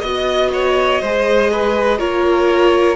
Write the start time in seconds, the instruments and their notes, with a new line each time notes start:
0.00 cello B3, viola F#4, violin D#5
0.53 violin C#5
1.01 cello G#3, viola G#4, violin C5
1.52 violin B4
1.98 cello A#3, viola F4, violin A#4 C#5